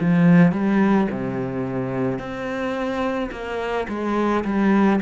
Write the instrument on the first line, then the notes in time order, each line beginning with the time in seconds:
cello
0.00 F3
0.52 G3
1.10 C3
2.18 C4
3.31 A#3
3.88 G#3
4.44 G3